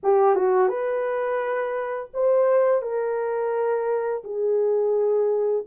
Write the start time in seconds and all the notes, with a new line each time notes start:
0.03 G4
0.35 F#4
0.68 B4
2.13 C5
2.82 A#4
4.24 G#4